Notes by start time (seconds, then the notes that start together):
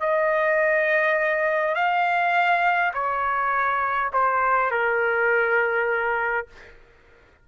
0.00 D#5
1.75 F5
2.94 C#5
4.13 C5
4.71 A#4